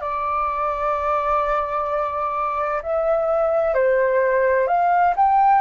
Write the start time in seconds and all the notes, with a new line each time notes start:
0.00 D5
2.82 E5
3.74 C5
4.67 F5
5.16 G5